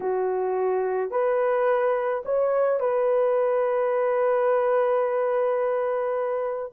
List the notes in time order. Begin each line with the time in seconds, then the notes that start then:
0.00 F#4
1.11 B4
2.25 C#5
2.79 B4